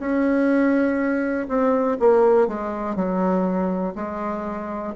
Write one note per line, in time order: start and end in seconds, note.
0.00 1.48 C#4
1.49 1.98 C4
2.00 2.48 A#3
2.48 2.96 G#3
2.96 3.94 F#3
3.96 4.94 G#3